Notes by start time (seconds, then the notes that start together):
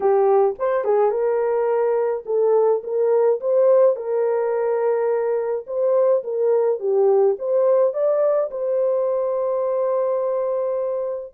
0.00 G4
0.58 C5
0.84 G#4
1.10 A#4
2.25 A4
2.83 A#4
3.40 C5
3.95 A#4
5.66 C5
6.23 A#4
6.79 G4
7.38 C5
7.93 D5
8.50 C5